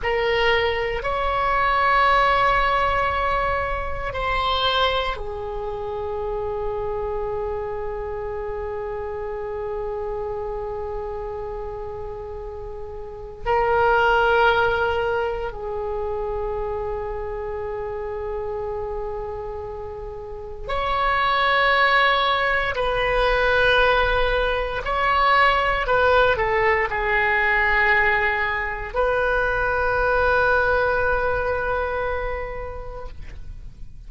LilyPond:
\new Staff \with { instrumentName = "oboe" } { \time 4/4 \tempo 4 = 58 ais'4 cis''2. | c''4 gis'2.~ | gis'1~ | gis'4 ais'2 gis'4~ |
gis'1 | cis''2 b'2 | cis''4 b'8 a'8 gis'2 | b'1 | }